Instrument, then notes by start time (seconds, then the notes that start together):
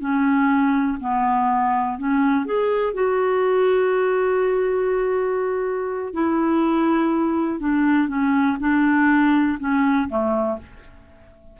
clarinet
0.00 C#4
1.00 B3
1.98 C#4
2.46 G#4
2.94 F#4
6.13 E4
7.60 D4
8.08 C#4
8.60 D4
9.59 C#4
10.09 A3